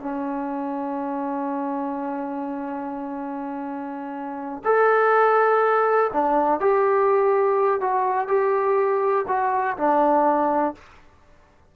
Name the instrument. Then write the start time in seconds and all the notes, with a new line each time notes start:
trombone
0.00 C#4
4.65 A4
6.14 D4
6.61 G4
7.81 F#4
8.28 G4
9.28 F#4
9.77 D4